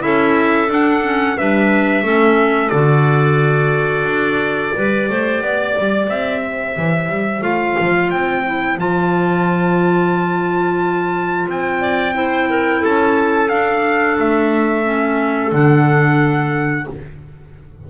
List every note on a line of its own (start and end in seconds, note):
0.00 0.68 C#4
0.00 0.67 E4
0.00 1.37 A4
0.00 0.70 E5
0.68 1.36 D4
0.68 1.02 D4
0.68 1.38 F#5
1.03 1.36 C#4
1.37 2.03 G3
1.37 2.04 D4
1.37 2.04 B4
1.37 2.70 E5
2.03 2.70 A3
2.03 2.71 C#4
2.03 4.74 A4
2.70 4.05 D3
2.70 4.74 F#4
2.70 6.07 D5
4.05 4.72 D4
4.74 5.10 G3
4.74 7.42 G4
4.74 5.10 B4
5.10 5.41 A3
5.10 5.43 C5
5.41 5.75 B3
5.41 6.42 D5
5.79 6.09 G3
6.09 6.76 C4
6.09 7.43 E5
6.42 11.81 C5
6.77 7.10 E3
7.10 7.42 G3
7.42 7.76 A3
7.42 8.43 F4
7.42 8.10 F5
7.80 8.12 F3
8.11 8.77 C4
8.11 8.78 G5
8.46 8.79 E4
8.77 11.47 F3
8.77 12.14 F4
8.77 11.49 A5
11.49 12.83 C4
11.49 12.85 G5
11.81 12.15 D5
12.14 13.49 E4
12.14 12.49 C5
12.50 12.81 A#4
12.81 13.51 C#4
12.81 16.85 A4
12.81 13.49 A5
13.49 14.84 D4
13.49 14.18 D4
13.49 14.16 F5
14.19 15.52 A3
14.19 15.54 E5
14.84 15.52 C#4
15.52 16.87 D3
15.52 16.87 D4
15.52 16.90 F#5